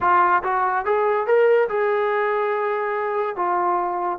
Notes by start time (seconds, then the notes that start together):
0.00 F4
0.43 F#4
0.85 G#4
1.26 A#4
1.68 G#4
3.36 F4